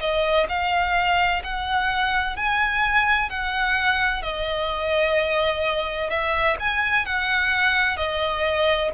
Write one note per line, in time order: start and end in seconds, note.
0.00 0.47 D#5
0.49 1.42 F5
1.44 2.37 F#5
2.37 3.30 G#5
3.30 4.23 F#5
4.23 6.10 D#5
6.10 6.57 E5
6.60 7.06 G#5
7.06 7.97 F#5
7.97 8.91 D#5